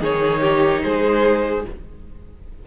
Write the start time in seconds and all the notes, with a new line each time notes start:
0.00 D#3 D#4 G#4 C#5
0.41 G4
0.82 G#3 G#4 C5